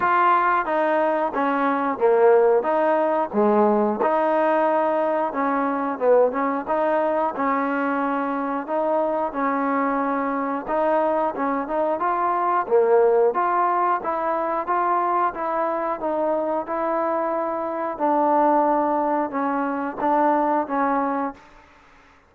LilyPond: \new Staff \with { instrumentName = "trombone" } { \time 4/4 \tempo 4 = 90 f'4 dis'4 cis'4 ais4 | dis'4 gis4 dis'2 | cis'4 b8 cis'8 dis'4 cis'4~ | cis'4 dis'4 cis'2 |
dis'4 cis'8 dis'8 f'4 ais4 | f'4 e'4 f'4 e'4 | dis'4 e'2 d'4~ | d'4 cis'4 d'4 cis'4 | }